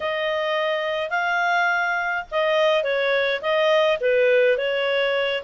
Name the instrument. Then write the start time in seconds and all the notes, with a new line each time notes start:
clarinet
0.00 D#5
1.10 F5
2.31 D#5
2.83 C#5
3.41 D#5
4.00 B4
4.57 C#5